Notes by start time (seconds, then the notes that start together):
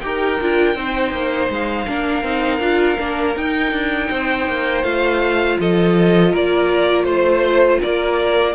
0.00 D#4 G4 A#4 G5
0.41 D4 F4
0.75 C4 D#4 C5
1.12 A#3
1.49 G#3 F5
1.86 A#3 D4 A#4
2.23 C4 D#4
2.60 D4 F4
2.98 A#3 D4
3.36 D#4 G5
3.72 D4
4.10 C4 C5
4.47 A#3
4.83 A3 F4 F5
5.60 F3 A4 D#5
6.31 A#3 A#4 D5
7.04 A3 C5
7.82 A#3 A#4 D5